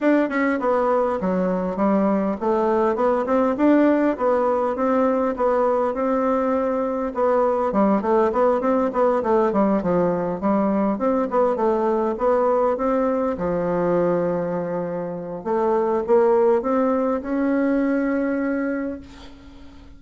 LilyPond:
\new Staff \with { instrumentName = "bassoon" } { \time 4/4 \tempo 4 = 101 d'8 cis'8 b4 fis4 g4 | a4 b8 c'8 d'4 b4 | c'4 b4 c'2 | b4 g8 a8 b8 c'8 b8 a8 |
g8 f4 g4 c'8 b8 a8~ | a8 b4 c'4 f4.~ | f2 a4 ais4 | c'4 cis'2. | }